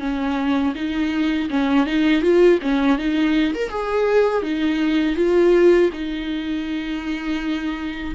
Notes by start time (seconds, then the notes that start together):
0.00 C#4
0.75 D#4
1.50 C#4
1.86 D#4
2.22 F4
2.62 C#4
2.98 D#4
3.54 A#4
3.69 G#4
4.42 D#4
5.16 F4
5.93 D#4